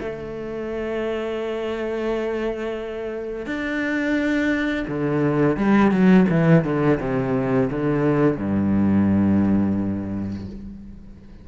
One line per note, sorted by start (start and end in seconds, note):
0.00 3.46 A3
3.46 4.85 D4
4.88 5.57 D3
5.57 5.91 G3
5.91 6.26 F#3
6.29 6.64 E3
6.64 6.99 D3
7.00 7.70 C3
7.70 8.37 D3
8.37 10.47 G2